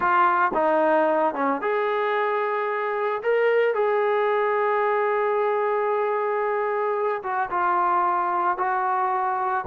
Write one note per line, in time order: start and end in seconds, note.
0.00 0.51 F4
0.54 1.34 D#4
1.34 1.61 C#4
1.61 3.21 G#4
3.23 3.74 A#4
3.74 7.22 G#4
7.22 7.49 F#4
7.50 8.57 F4
8.57 9.64 F#4